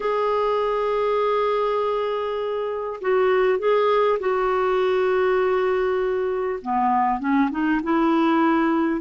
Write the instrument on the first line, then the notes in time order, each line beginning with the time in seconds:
clarinet
0.00 G#4
3.01 F#4
3.58 G#4
4.19 F#4
6.62 B3
7.19 C#4
7.50 D#4
7.83 E4